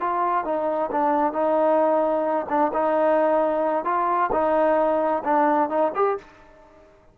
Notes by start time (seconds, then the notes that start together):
0.00 F4
0.44 D#4
0.91 D4
1.32 D#4
2.49 D4
2.73 D#4
3.84 F4
4.32 D#4
5.24 D4
5.69 D#4
5.95 G4